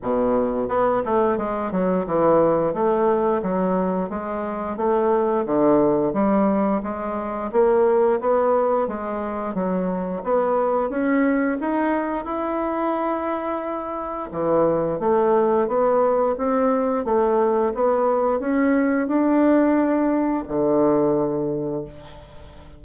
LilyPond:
\new Staff \with { instrumentName = "bassoon" } { \time 4/4 \tempo 4 = 88 b,4 b8 a8 gis8 fis8 e4 | a4 fis4 gis4 a4 | d4 g4 gis4 ais4 | b4 gis4 fis4 b4 |
cis'4 dis'4 e'2~ | e'4 e4 a4 b4 | c'4 a4 b4 cis'4 | d'2 d2 | }